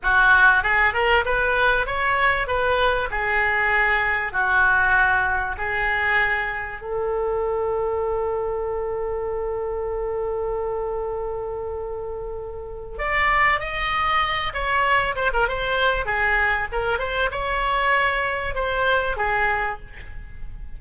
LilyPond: \new Staff \with { instrumentName = "oboe" } { \time 4/4 \tempo 4 = 97 fis'4 gis'8 ais'8 b'4 cis''4 | b'4 gis'2 fis'4~ | fis'4 gis'2 a'4~ | a'1~ |
a'1~ | a'4 d''4 dis''4. cis''8~ | cis''8 c''16 ais'16 c''4 gis'4 ais'8 c''8 | cis''2 c''4 gis'4 | }